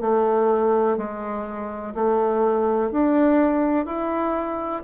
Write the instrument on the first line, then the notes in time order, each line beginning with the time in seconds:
bassoon
0.00 A3
0.97 G#3
1.94 A3
2.91 D4
3.85 E4